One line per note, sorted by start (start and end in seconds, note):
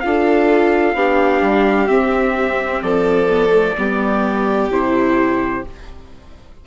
0.00 0.94 D4
0.00 0.96 F4
0.00 0.96 A4
0.00 1.88 F5
0.94 1.41 B3
0.94 1.87 D4
0.94 2.83 G4
1.41 1.88 G3
1.87 3.28 C4
1.87 2.82 C4
1.87 2.81 E5
2.82 3.76 F3
2.82 3.77 A4
2.82 4.70 D5
3.29 3.50 B3
3.50 3.73 A3
3.77 4.69 G3
3.77 4.71 B3
3.77 5.66 G4
4.69 5.63 C3
4.69 5.65 E4
4.69 5.66 C5